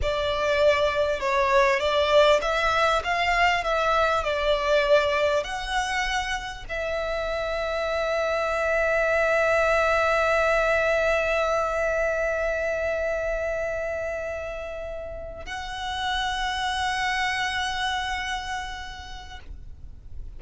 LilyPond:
\new Staff \with { instrumentName = "violin" } { \time 4/4 \tempo 4 = 99 d''2 cis''4 d''4 | e''4 f''4 e''4 d''4~ | d''4 fis''2 e''4~ | e''1~ |
e''1~ | e''1~ | e''4. fis''2~ fis''8~ | fis''1 | }